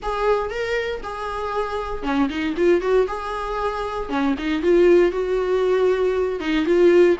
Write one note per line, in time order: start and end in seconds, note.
0.02 0.50 G#4
0.50 1.01 A#4
1.03 2.03 G#4
2.03 2.28 C#4
2.29 2.55 D#4
2.56 2.81 F4
2.81 3.06 F#4
3.07 4.09 G#4
4.09 4.34 C#4
4.38 4.62 D#4
4.62 5.11 F4
5.11 6.39 F#4
6.39 6.65 D#4
6.65 7.16 F4